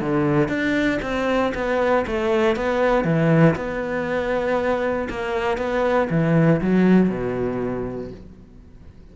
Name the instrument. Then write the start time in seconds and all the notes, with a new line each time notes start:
cello
0.00 D3
0.48 D4
1.02 C4
1.54 B3
2.07 A3
2.56 B3
3.04 E3
3.56 B3
5.09 A#3
5.57 B3
6.10 E3
6.61 F#3
7.10 B2